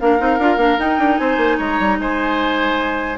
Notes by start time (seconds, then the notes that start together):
0.00 A#3 D4 A#4 F5
0.19 C4 D#4
0.39 D4 F4
0.57 A#3 D4
0.79 D#4 G5
0.99 D4
1.18 C4 C5 G#5
1.37 A#3
1.58 G#3 C#5 A#5
1.80 G3
2.00 G#3 C5 G#5